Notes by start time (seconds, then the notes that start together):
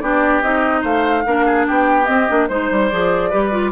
0.00 B3 D4 G4 D5
0.42 C4 D#4 D#5
0.81 A3 C5 F5
1.26 A#3 D4 A#4
1.46 G#4
1.67 B3 G4 G5
2.05 C4 D#5
2.28 A#3 D4
2.48 G#3 D#4 C5
2.71 G3
2.89 F3 G#4 D5
3.30 G3 G4 B4
3.52 F4